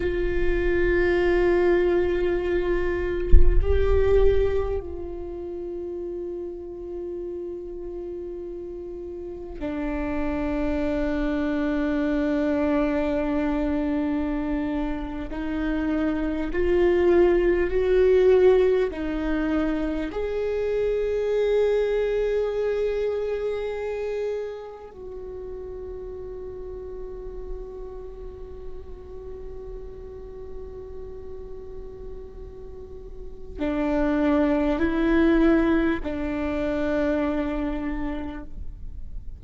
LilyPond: \new Staff \with { instrumentName = "viola" } { \time 4/4 \tempo 4 = 50 f'2. g'4 | f'1 | d'1~ | d'8. dis'4 f'4 fis'4 dis'16~ |
dis'8. gis'2.~ gis'16~ | gis'8. fis'2.~ fis'16~ | fis'1 | d'4 e'4 d'2 | }